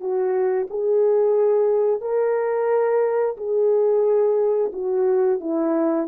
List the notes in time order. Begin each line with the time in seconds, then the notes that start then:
0.00 F#4
0.70 G#4
2.01 A#4
3.37 G#4
4.73 F#4
5.40 E4